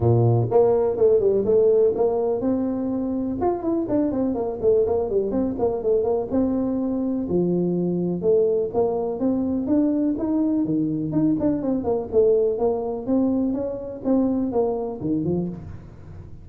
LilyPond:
\new Staff \with { instrumentName = "tuba" } { \time 4/4 \tempo 4 = 124 ais,4 ais4 a8 g8 a4 | ais4 c'2 f'8 e'8 | d'8 c'8 ais8 a8 ais8 g8 c'8 ais8 | a8 ais8 c'2 f4~ |
f4 a4 ais4 c'4 | d'4 dis'4 dis4 dis'8 d'8 | c'8 ais8 a4 ais4 c'4 | cis'4 c'4 ais4 dis8 f8 | }